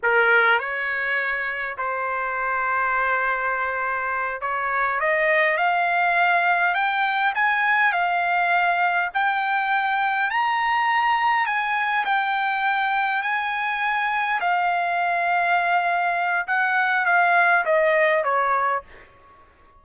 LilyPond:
\new Staff \with { instrumentName = "trumpet" } { \time 4/4 \tempo 4 = 102 ais'4 cis''2 c''4~ | c''2.~ c''8 cis''8~ | cis''8 dis''4 f''2 g''8~ | g''8 gis''4 f''2 g''8~ |
g''4. ais''2 gis''8~ | gis''8 g''2 gis''4.~ | gis''8 f''2.~ f''8 | fis''4 f''4 dis''4 cis''4 | }